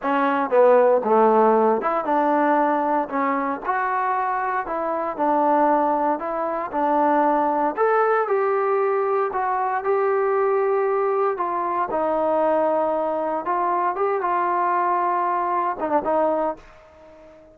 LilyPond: \new Staff \with { instrumentName = "trombone" } { \time 4/4 \tempo 4 = 116 cis'4 b4 a4. e'8 | d'2 cis'4 fis'4~ | fis'4 e'4 d'2 | e'4 d'2 a'4 |
g'2 fis'4 g'4~ | g'2 f'4 dis'4~ | dis'2 f'4 g'8 f'8~ | f'2~ f'8 dis'16 d'16 dis'4 | }